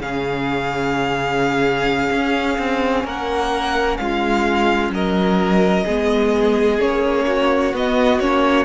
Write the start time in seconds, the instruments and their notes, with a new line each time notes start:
0.00 cello C#3, viola C#4, violin G#4 F5
2.11 cello C#4
2.58 cello C4
3.05 cello A#3, violin A#4 F#5
3.97 cello G#3, violin F4 F5
4.90 cello F#3, violin A#4 D#5
5.85 cello G#3, viola B3, violin G#4
6.80 cello A#3, viola C#4, violin C#5
7.27 violin F#4
7.74 cello B3, viola B3, violin D#5
8.20 cello A#3, viola C#4, violin C#5